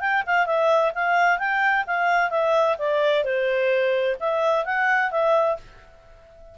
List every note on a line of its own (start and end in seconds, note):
0.00 0.23 G5
0.26 0.46 F5
0.46 0.92 E5
0.94 1.38 F5
1.38 1.85 G5
1.87 2.30 F5
2.30 2.76 E5
2.78 3.24 D5
3.24 4.16 C5
4.20 4.65 E5
4.65 5.11 F#5
5.11 5.57 E5